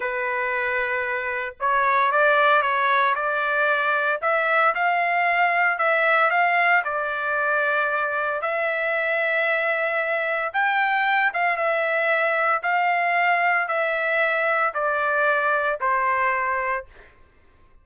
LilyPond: \new Staff \with { instrumentName = "trumpet" } { \time 4/4 \tempo 4 = 114 b'2. cis''4 | d''4 cis''4 d''2 | e''4 f''2 e''4 | f''4 d''2. |
e''1 | g''4. f''8 e''2 | f''2 e''2 | d''2 c''2 | }